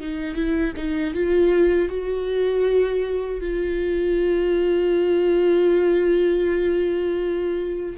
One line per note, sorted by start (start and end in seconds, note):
0.00 0.35 D#4
0.35 0.73 E4
0.77 1.14 D#4
1.14 1.89 F4
1.89 3.41 F#4
3.41 7.97 F4